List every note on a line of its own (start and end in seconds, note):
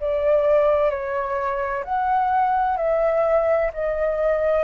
0.00 0.90 D5
0.90 1.84 C#5
1.84 2.77 F#5
2.77 3.71 E5
3.73 4.64 D#5